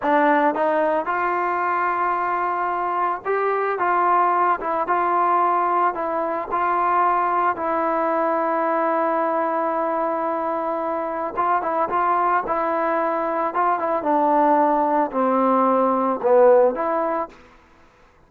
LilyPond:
\new Staff \with { instrumentName = "trombone" } { \time 4/4 \tempo 4 = 111 d'4 dis'4 f'2~ | f'2 g'4 f'4~ | f'8 e'8 f'2 e'4 | f'2 e'2~ |
e'1~ | e'4 f'8 e'8 f'4 e'4~ | e'4 f'8 e'8 d'2 | c'2 b4 e'4 | }